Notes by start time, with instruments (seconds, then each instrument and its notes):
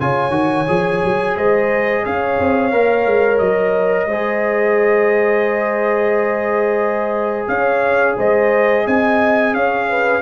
0.00 tuba C#3, trombone F4, horn C#5, trumpet G#5
0.30 tuba D#3, trombone F#4
0.68 tuba F3, trombone G#4
1.05 tuba F#3
1.36 tuba G#3, horn C5, trumpet D#5
2.04 tuba C#4, horn C#5, trumpet F5
2.40 tuba C4
2.72 tuba A#3, trombone A#4
3.06 tuba G#3
3.39 tuba F#3, trumpet D#5
4.07 tuba G#3, trombone G#4, horn C5
7.48 tuba C#4, horn C#5, trumpet F5
8.17 tuba G#3, horn C5, trumpet D#5
8.87 tuba C4, horn D#5, trumpet G#5
9.54 tuba C#4, horn C#5, trumpet F5
9.89 horn B4